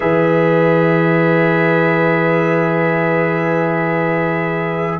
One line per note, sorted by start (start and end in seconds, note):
0.00 4.99 E3
0.00 4.99 G#4
0.00 4.99 B4
0.00 4.99 E5